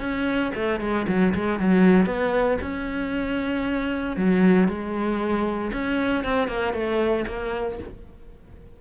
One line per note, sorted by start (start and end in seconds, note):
0.00 0.52 C#4
0.55 0.80 A3
0.80 1.06 G#3
1.08 1.34 F#3
1.35 1.59 G#3
1.59 2.06 F#3
2.06 2.58 B3
2.61 4.17 C#4
4.17 4.68 F#3
4.68 5.72 G#3
5.73 6.24 C#4
6.24 6.48 C4
6.48 6.74 A#3
6.74 7.25 A3
7.27 7.79 A#3